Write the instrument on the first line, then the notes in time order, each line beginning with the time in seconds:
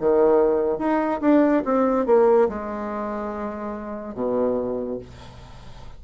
bassoon
0.00 D#3
0.78 D#4
1.21 D4
1.65 C4
2.06 A#3
2.49 G#3
4.14 B2